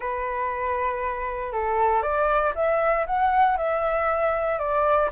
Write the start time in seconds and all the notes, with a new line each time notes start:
0.00 B4
1.52 A4
2.02 D5
2.55 E5
3.06 F#5
3.57 E5
4.58 D5